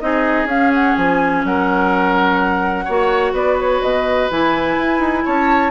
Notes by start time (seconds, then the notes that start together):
0.00 C4 D#4 G#4 D#5
0.45 C#4 F5
0.74 F#5
0.96 F3 G#5
1.44 F#3 A#4 F#5
2.85 A#3 F#4 C#5
3.33 B3 B4 D5
3.60 C#5
3.82 B2 D#5
4.31 E3 E4 G#5
4.77 E4
5.00 D#4
5.25 C#4 C#5 A5